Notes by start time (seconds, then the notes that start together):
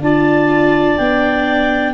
0.00 D4 F4 D5 A5
0.97 B3 D4 G5